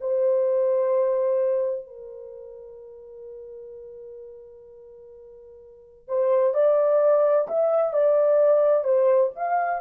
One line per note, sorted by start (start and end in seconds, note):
0.00 1.86 C5
1.86 6.08 A#4
6.08 6.54 C5
6.54 7.47 D5
7.48 7.93 E5
7.93 8.84 D5
8.84 9.31 C5
9.35 9.81 F5